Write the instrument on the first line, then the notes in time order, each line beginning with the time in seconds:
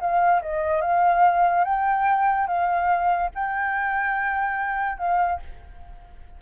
flute
0.00 F5
0.42 D#5
0.81 F5
1.65 G5
2.47 F5
3.35 G5
4.98 F5